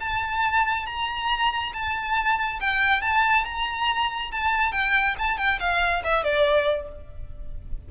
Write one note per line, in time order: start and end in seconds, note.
0.00 0.86 A5
0.86 1.72 A#5
1.73 2.60 A5
2.60 3.01 G5
3.01 3.45 A5
3.45 4.31 A#5
4.31 4.72 A5
4.72 5.15 G5
5.18 5.38 A5
5.38 5.59 G5
5.60 6.03 F5
6.04 6.24 E5
6.24 6.88 D5